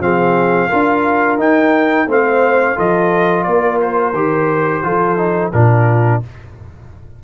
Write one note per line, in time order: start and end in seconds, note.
0.00 0.69 F3
0.00 0.70 C4
0.00 0.69 G#4
0.00 1.40 F5
0.69 1.39 D4
0.69 1.39 F4
0.69 2.07 A#4
1.39 2.08 D#4
1.39 2.07 D#4
1.39 2.10 G5
2.07 2.76 A3
2.07 2.76 C4
2.07 2.77 C5
2.07 2.79 F5
2.76 3.47 F3
2.76 4.14 F4
2.76 3.46 A4
2.76 3.44 D#5
3.44 4.14 A#3
3.44 4.85 A#4
3.44 3.78 D5
3.82 5.53 C5
4.14 4.83 D#3
4.14 4.84 G4
4.84 5.53 F3
4.84 5.18 F4
4.84 5.54 A4
5.18 5.53 D#4
5.53 6.23 A#2
5.53 6.23 D4
5.53 6.24 F4
5.53 6.22 A#4